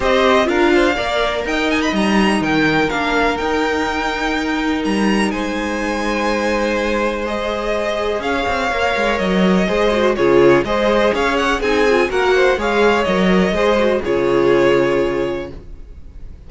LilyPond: <<
  \new Staff \with { instrumentName = "violin" } { \time 4/4 \tempo 4 = 124 dis''4 f''2 g''8 gis''16 b''16 | ais''4 g''4 f''4 g''4~ | g''2 ais''4 gis''4~ | gis''2. dis''4~ |
dis''4 f''2 dis''4~ | dis''4 cis''4 dis''4 f''8 fis''8 | gis''4 fis''4 f''4 dis''4~ | dis''4 cis''2. | }
  \new Staff \with { instrumentName = "violin" } { \time 4/4 c''4 ais'8 c''8 d''4 dis''4~ | dis''4 ais'2.~ | ais'2. c''4~ | c''1~ |
c''4 cis''2. | c''4 gis'4 c''4 cis''4 | gis'4 ais'8 c''8 cis''2 | c''4 gis'2. | }
  \new Staff \with { instrumentName = "viola" } { \time 4/4 g'4 f'4 ais'2 | dis'2 d'4 dis'4~ | dis'1~ | dis'2. gis'4~ |
gis'2 ais'2 | gis'8 fis'8 f'4 gis'2 | dis'8 f'8 fis'4 gis'4 ais'4 | gis'8 fis'8 f'2. | }
  \new Staff \with { instrumentName = "cello" } { \time 4/4 c'4 d'4 ais4 dis'4 | g4 dis4 ais4 dis'4~ | dis'2 g4 gis4~ | gis1~ |
gis4 cis'8 c'8 ais8 gis8 fis4 | gis4 cis4 gis4 cis'4 | c'4 ais4 gis4 fis4 | gis4 cis2. | }
>>